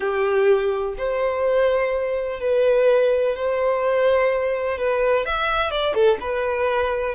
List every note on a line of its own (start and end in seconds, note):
0.00 0.95 G4
0.97 2.40 C5
2.40 3.35 B4
3.35 4.77 C5
4.77 5.25 B4
5.25 5.70 E5
5.70 5.94 D5
5.94 6.18 A4
6.20 7.15 B4